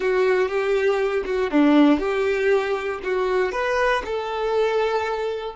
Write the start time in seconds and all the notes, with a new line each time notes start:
0.00 F#4
0.48 G4
1.25 F#4
1.50 D4
1.99 G4
3.03 F#4
3.52 B4
4.05 A4